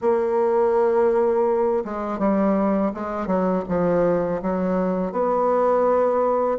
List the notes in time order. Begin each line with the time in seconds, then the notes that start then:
0.01 A#3
1.85 G#3
2.18 G3
2.94 G#3
3.26 F#3
3.68 F3
4.42 F#3
5.12 B3